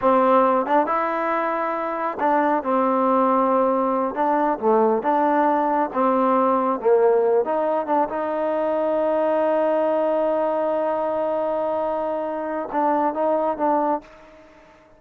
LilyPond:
\new Staff \with { instrumentName = "trombone" } { \time 4/4 \tempo 4 = 137 c'4. d'8 e'2~ | e'4 d'4 c'2~ | c'4. d'4 a4 d'8~ | d'4. c'2 ais8~ |
ais4 dis'4 d'8 dis'4.~ | dis'1~ | dis'1~ | dis'4 d'4 dis'4 d'4 | }